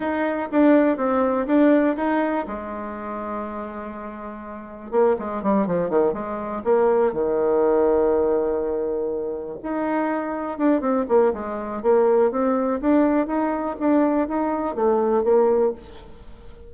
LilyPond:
\new Staff \with { instrumentName = "bassoon" } { \time 4/4 \tempo 4 = 122 dis'4 d'4 c'4 d'4 | dis'4 gis2.~ | gis2 ais8 gis8 g8 f8 | dis8 gis4 ais4 dis4.~ |
dis2.~ dis8 dis'8~ | dis'4. d'8 c'8 ais8 gis4 | ais4 c'4 d'4 dis'4 | d'4 dis'4 a4 ais4 | }